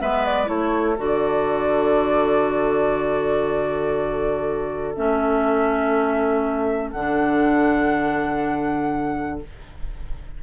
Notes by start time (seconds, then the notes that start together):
0.00 G#3 B3 B4 E5
0.26 D5
0.46 A3 E4 A4 C#5
0.97 D3 F#4 D5
4.95 A3 C#4 E5
6.92 D3 D4 F#5